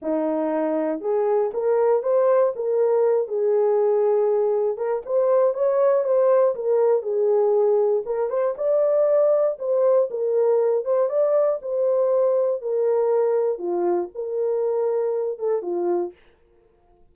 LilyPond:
\new Staff \with { instrumentName = "horn" } { \time 4/4 \tempo 4 = 119 dis'2 gis'4 ais'4 | c''4 ais'4. gis'4.~ | gis'4. ais'8 c''4 cis''4 | c''4 ais'4 gis'2 |
ais'8 c''8 d''2 c''4 | ais'4. c''8 d''4 c''4~ | c''4 ais'2 f'4 | ais'2~ ais'8 a'8 f'4 | }